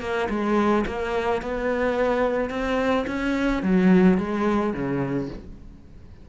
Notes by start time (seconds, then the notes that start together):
0.00 A#3
0.29 G#3
0.86 A#3
1.41 B3
2.49 C4
3.07 C#4
3.62 F#3
4.18 G#3
4.73 C#3